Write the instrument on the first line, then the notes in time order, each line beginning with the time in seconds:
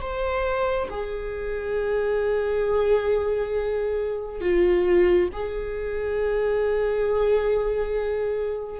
viola
0.00 C5
0.90 G#4
4.40 F4
5.33 G#4